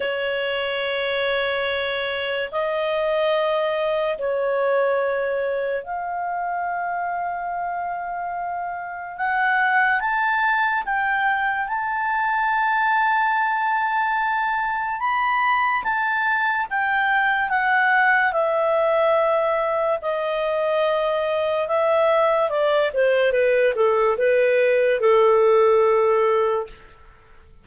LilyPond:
\new Staff \with { instrumentName = "clarinet" } { \time 4/4 \tempo 4 = 72 cis''2. dis''4~ | dis''4 cis''2 f''4~ | f''2. fis''4 | a''4 g''4 a''2~ |
a''2 b''4 a''4 | g''4 fis''4 e''2 | dis''2 e''4 d''8 c''8 | b'8 a'8 b'4 a'2 | }